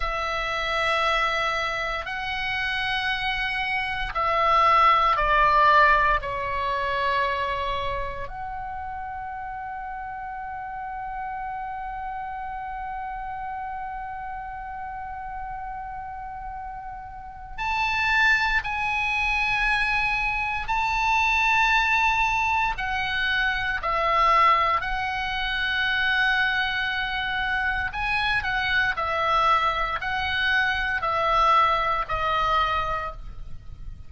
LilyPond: \new Staff \with { instrumentName = "oboe" } { \time 4/4 \tempo 4 = 58 e''2 fis''2 | e''4 d''4 cis''2 | fis''1~ | fis''1~ |
fis''4 a''4 gis''2 | a''2 fis''4 e''4 | fis''2. gis''8 fis''8 | e''4 fis''4 e''4 dis''4 | }